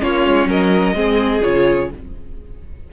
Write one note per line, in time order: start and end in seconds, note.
0.00 0.27 A#3
0.00 0.94 C#4
0.00 0.48 F4
0.00 0.49 C#5
0.27 0.46 G#3
0.46 0.93 F#3
0.46 0.95 A#4
0.46 1.43 D#5
0.94 1.41 G#3
0.94 1.42 C4
0.94 1.90 G#4
1.42 1.92 C#3
1.42 1.89 F4
1.42 1.90 C#5